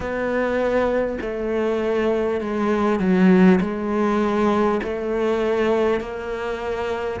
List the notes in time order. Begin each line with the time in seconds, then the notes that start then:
0.00 B3
1.21 A3
2.40 G#3
2.99 F#3
3.61 G#3
4.83 A3
6.00 A#3